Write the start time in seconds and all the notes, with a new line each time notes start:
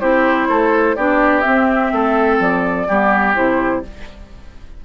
0.00 C4 E4 G4 C5
0.49 A3 A4
0.96 B3 D4 G4 D5
1.41 C4 E5
1.92 A3 A4
2.39 F3 D5
2.88 G3 B3 G4
3.35 C3 E4 C5